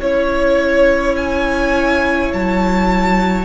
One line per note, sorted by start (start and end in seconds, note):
0.00 2.31 C#4
0.00 3.45 E4
0.00 1.15 C#5
0.00 3.45 C#5
1.16 2.31 G#5
2.33 3.45 F#3
2.33 3.45 A5